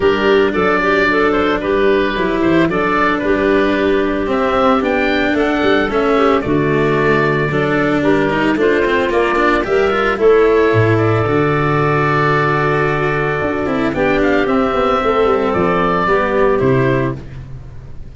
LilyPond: <<
  \new Staff \with { instrumentName = "oboe" } { \time 4/4 \tempo 4 = 112 ais'4 d''4. c''8 b'4~ | b'8 c''8 d''4 b'2 | e''4 g''4 fis''4 e''4 | d''2. ais'4 |
c''4 d''4 e''4 cis''4~ | cis''8 d''2.~ d''8~ | d''2 g''8 f''8 e''4~ | e''4 d''2 c''4 | }
  \new Staff \with { instrumentName = "clarinet" } { \time 4/4 g'4 a'8 g'8 a'4 g'4~ | g'4 a'4 g'2~ | g'2 a'4. g'8 | fis'2 a'4 g'4 |
f'2 ais'4 a'4~ | a'1~ | a'2 g'2 | a'2 g'2 | }
  \new Staff \with { instrumentName = "cello" } { \time 4/4 d'1 | e'4 d'2. | c'4 d'2 cis'4 | a2 d'4. dis'8 |
d'8 c'8 ais8 d'8 g'8 f'8 e'4~ | e'4 fis'2.~ | fis'4. e'8 d'4 c'4~ | c'2 b4 e'4 | }
  \new Staff \with { instrumentName = "tuba" } { \time 4/4 g4 fis2 g4 | fis8 e8 fis4 g2 | c'4 b4 a8 g8 a4 | d2 fis4 g4 |
a4 ais4 g4 a4 | a,4 d2.~ | d4 d'8 c'8 b4 c'8 b8 | a8 g8 f4 g4 c4 | }
>>